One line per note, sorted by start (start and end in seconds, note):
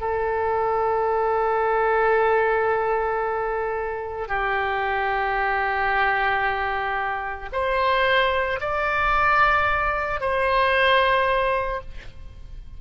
0.00 4.28 A4
4.28 7.49 G4
7.52 8.59 C5
8.60 10.20 D5
10.20 11.81 C5